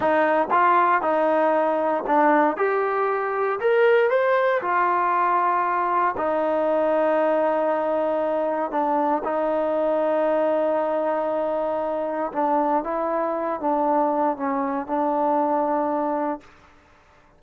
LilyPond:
\new Staff \with { instrumentName = "trombone" } { \time 4/4 \tempo 4 = 117 dis'4 f'4 dis'2 | d'4 g'2 ais'4 | c''4 f'2. | dis'1~ |
dis'4 d'4 dis'2~ | dis'1 | d'4 e'4. d'4. | cis'4 d'2. | }